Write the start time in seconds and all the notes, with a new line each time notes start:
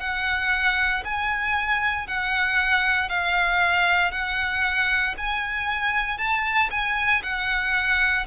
0.00 F#5
1.05 G#5
2.07 F#5
3.09 F5
4.11 F#5
5.17 G#5
6.18 A5
6.71 G#5
7.23 F#5